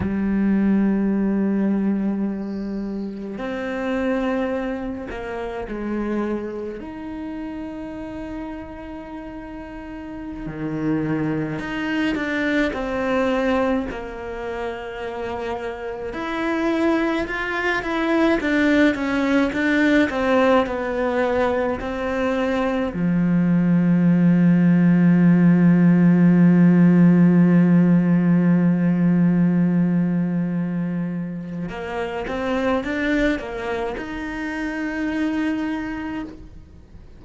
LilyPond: \new Staff \with { instrumentName = "cello" } { \time 4/4 \tempo 4 = 53 g2. c'4~ | c'8 ais8 gis4 dis'2~ | dis'4~ dis'16 dis4 dis'8 d'8 c'8.~ | c'16 ais2 e'4 f'8 e'16~ |
e'16 d'8 cis'8 d'8 c'8 b4 c'8.~ | c'16 f2.~ f8.~ | f1 | ais8 c'8 d'8 ais8 dis'2 | }